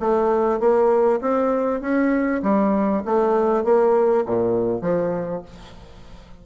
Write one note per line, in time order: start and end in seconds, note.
0.00 0.60 A3
0.60 1.21 A#3
1.21 1.82 C4
1.82 2.42 C#4
2.43 3.04 G3
3.06 3.64 A3
3.64 4.25 A#3
4.26 4.82 A#2
4.82 5.42 F3